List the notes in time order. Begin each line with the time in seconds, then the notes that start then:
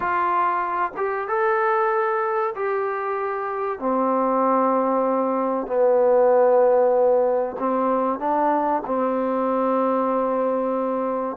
0.00 F4
0.96 G4
1.27 A4
2.55 G4
3.79 C4
5.66 B3
7.59 C4
8.19 D4
8.86 C4